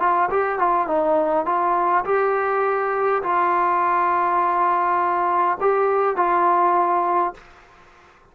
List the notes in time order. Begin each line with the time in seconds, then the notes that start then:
0.00 F4
0.30 G4
0.59 F4
0.87 D#4
1.46 F4
2.05 G4
3.23 F4
5.61 G4
6.17 F4